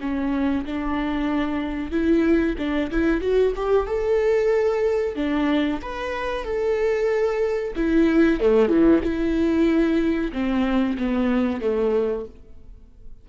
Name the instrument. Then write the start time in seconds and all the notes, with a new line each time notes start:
viola
0.00 C#4
0.65 D4
1.91 E4
2.58 D4
2.91 E4
3.21 F#4
3.55 G4
3.86 A4
5.15 D4
5.81 B4
6.44 A4
7.75 E4
8.40 A3
8.68 E3
9.03 E4
10.32 C4
10.97 B3
11.61 A3